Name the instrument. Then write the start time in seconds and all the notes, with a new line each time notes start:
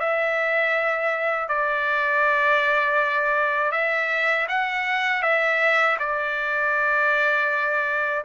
trumpet
0.00 E5
1.49 D5
3.72 E5
4.49 F#5
5.23 E5
5.99 D5